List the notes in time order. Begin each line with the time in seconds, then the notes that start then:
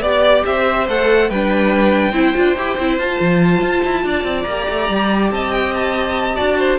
0.00 B3 G4 D5
0.45 C4 C5 E5
0.87 A3 A4 F#5
1.29 G3 D4 B4 G5
2.11 C4 E4 C5
2.34 D4 F4
2.56 E4 G4
2.78 C4 E4
2.98 F4 A5
3.20 F3
3.60 F4
3.84 E4
4.04 D4 D5
4.23 C4
4.42 A#3 A#5
4.49 G4
4.68 A3
4.89 G3
5.31 C4 D#5 A5
5.51 G5
5.74 A5
6.35 D4 F#4 D5
6.58 C5